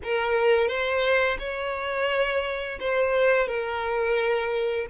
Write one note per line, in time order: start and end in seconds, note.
0.03 0.68 A#4
0.68 1.37 C5
1.39 2.78 C#5
2.80 3.47 C5
3.47 4.86 A#4